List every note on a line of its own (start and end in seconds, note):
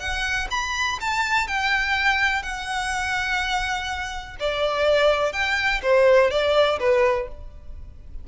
0.00 0.48 F#5
0.51 0.99 B5
1.01 1.48 A5
1.48 2.43 G5
2.43 4.37 F#5
4.40 5.33 D5
5.33 5.82 G5
5.83 6.31 C5
6.31 6.80 D5
6.80 7.28 B4